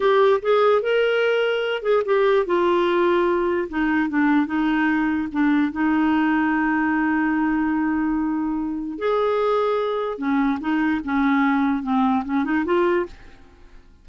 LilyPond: \new Staff \with { instrumentName = "clarinet" } { \time 4/4 \tempo 4 = 147 g'4 gis'4 ais'2~ | ais'8 gis'8 g'4 f'2~ | f'4 dis'4 d'4 dis'4~ | dis'4 d'4 dis'2~ |
dis'1~ | dis'2 gis'2~ | gis'4 cis'4 dis'4 cis'4~ | cis'4 c'4 cis'8 dis'8 f'4 | }